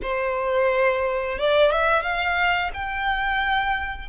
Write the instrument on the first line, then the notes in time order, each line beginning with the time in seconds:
violin
0.02 C5
1.38 D5
1.71 E5
2.02 F5
2.73 G5